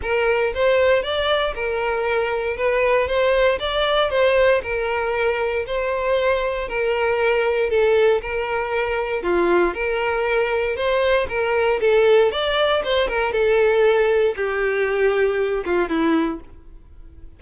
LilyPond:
\new Staff \with { instrumentName = "violin" } { \time 4/4 \tempo 4 = 117 ais'4 c''4 d''4 ais'4~ | ais'4 b'4 c''4 d''4 | c''4 ais'2 c''4~ | c''4 ais'2 a'4 |
ais'2 f'4 ais'4~ | ais'4 c''4 ais'4 a'4 | d''4 c''8 ais'8 a'2 | g'2~ g'8 f'8 e'4 | }